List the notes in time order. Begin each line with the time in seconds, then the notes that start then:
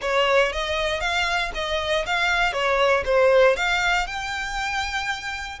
0.01 C#5
0.52 D#5
1.00 F5
1.54 D#5
2.06 F5
2.52 C#5
3.05 C5
3.56 F5
4.06 G5